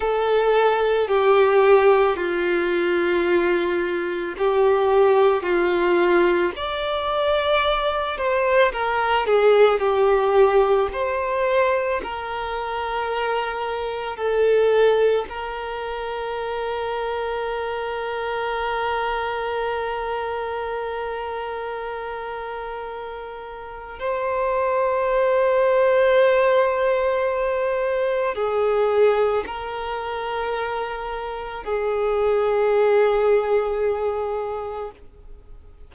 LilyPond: \new Staff \with { instrumentName = "violin" } { \time 4/4 \tempo 4 = 55 a'4 g'4 f'2 | g'4 f'4 d''4. c''8 | ais'8 gis'8 g'4 c''4 ais'4~ | ais'4 a'4 ais'2~ |
ais'1~ | ais'2 c''2~ | c''2 gis'4 ais'4~ | ais'4 gis'2. | }